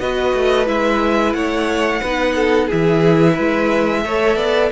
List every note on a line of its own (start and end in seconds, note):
0.00 0.34 B3
0.00 0.66 F#4
0.00 1.37 B4
0.00 0.68 D#5
0.35 0.68 A3
0.66 1.34 G#3
0.66 2.01 E4
0.66 1.34 E5
1.34 2.02 A3
1.34 2.01 C#5
1.34 2.68 F#5
2.01 2.71 B3
2.01 2.71 D#4
2.01 2.35 B4
2.36 2.67 A4
2.67 3.39 E3
2.67 4.05 E4
2.67 3.33 G#4
2.67 4.73 E5
3.33 4.06 G#3
3.33 4.01 B4
4.06 4.36 A3
4.06 4.73 A4
4.06 4.37 C#5
4.36 4.70 B3
4.36 4.70 D5